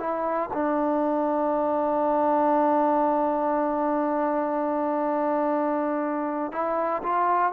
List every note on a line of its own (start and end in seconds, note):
0.00 0.50 E4
0.54 6.52 D4
6.52 7.02 E4
7.03 7.53 F4